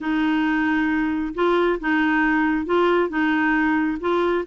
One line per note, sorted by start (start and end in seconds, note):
0.00 1.34 D#4
1.34 1.79 F4
1.79 2.65 D#4
2.65 3.09 F4
3.09 3.98 D#4
4.00 4.44 F4